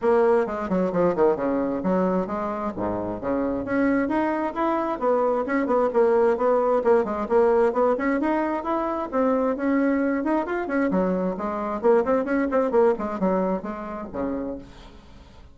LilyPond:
\new Staff \with { instrumentName = "bassoon" } { \time 4/4 \tempo 4 = 132 ais4 gis8 fis8 f8 dis8 cis4 | fis4 gis4 gis,4 cis4 | cis'4 dis'4 e'4 b4 | cis'8 b8 ais4 b4 ais8 gis8 |
ais4 b8 cis'8 dis'4 e'4 | c'4 cis'4. dis'8 f'8 cis'8 | fis4 gis4 ais8 c'8 cis'8 c'8 | ais8 gis8 fis4 gis4 cis4 | }